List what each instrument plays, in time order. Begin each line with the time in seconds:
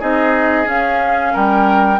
0.00 bassoon C4, clarinet D#4, oboe G#4, flute D#5
0.65 clarinet C#4, bassoon C#4, flute F5
1.33 bassoon G3, oboe A#4, flute G5